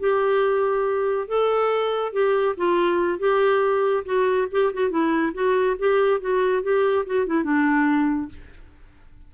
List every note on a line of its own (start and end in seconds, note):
0.00 1.28 G4
1.28 2.13 A4
2.13 2.55 G4
2.57 3.19 F4
3.19 4.04 G4
4.05 4.48 F#4
4.51 4.73 G4
4.73 4.90 F#4
4.90 5.33 E4
5.34 5.76 F#4
5.79 6.21 G4
6.21 6.62 F#4
6.62 7.05 G4
7.06 7.26 F#4
7.26 7.44 E4
7.44 8.29 D4